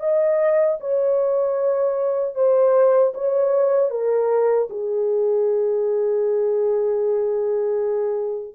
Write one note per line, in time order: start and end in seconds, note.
0.00 0.78 D#5
0.80 2.35 C#5
2.35 3.13 C5
3.14 3.90 C#5
3.90 4.68 A#4
4.70 8.55 G#4